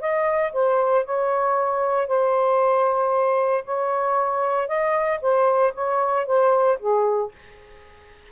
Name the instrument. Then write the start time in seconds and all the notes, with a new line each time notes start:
saxophone
0.00 D#5
0.53 C5
1.05 C#5
2.08 C5
3.65 C#5
4.68 D#5
5.21 C5
5.74 C#5
6.26 C5
6.79 G#4